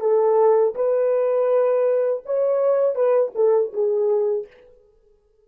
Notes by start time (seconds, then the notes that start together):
0.00 A4
0.75 B4
2.25 C#5
2.95 B4
3.35 A4
3.73 G#4